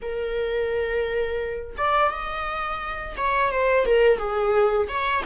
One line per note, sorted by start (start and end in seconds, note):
0.02 1.76 A#4
1.77 2.11 D5
2.11 3.15 D#5
3.17 3.51 C#5
3.51 3.85 C5
3.85 4.17 A#4
4.17 4.87 G#4
4.88 5.23 C#5